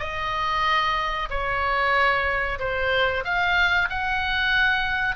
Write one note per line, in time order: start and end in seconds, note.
0.00 1.29 D#5
1.30 2.59 C#5
2.60 3.24 C5
3.25 3.89 F5
3.90 5.16 F#5